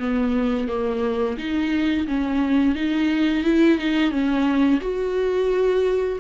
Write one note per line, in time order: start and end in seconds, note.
0.00 0.68 B3
0.68 1.37 A#3
1.38 2.07 D#4
2.07 2.75 C#4
2.75 3.44 D#4
3.44 3.79 E4
3.79 4.12 D#4
4.12 4.81 C#4
4.81 6.19 F#4